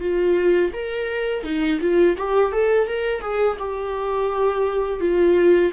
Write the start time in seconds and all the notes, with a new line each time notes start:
0.00 F4
0.73 A#4
1.44 D#4
1.81 F4
2.18 G4
2.52 A4
2.87 A#4
3.21 G#4
3.59 G4
5.00 F4